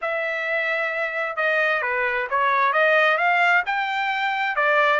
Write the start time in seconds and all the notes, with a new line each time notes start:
0.01 E5
1.36 D#5
1.82 B4
2.30 C#5
2.72 D#5
3.17 F5
3.65 G5
4.56 D5